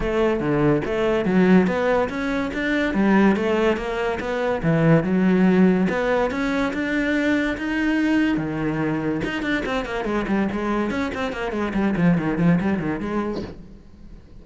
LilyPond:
\new Staff \with { instrumentName = "cello" } { \time 4/4 \tempo 4 = 143 a4 d4 a4 fis4 | b4 cis'4 d'4 g4 | a4 ais4 b4 e4 | fis2 b4 cis'4 |
d'2 dis'2 | dis2 dis'8 d'8 c'8 ais8 | gis8 g8 gis4 cis'8 c'8 ais8 gis8 | g8 f8 dis8 f8 g8 dis8 gis4 | }